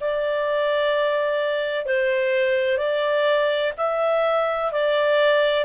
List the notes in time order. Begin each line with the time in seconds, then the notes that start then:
0.00 D5
1.85 C5
2.77 D5
3.77 E5
4.71 D5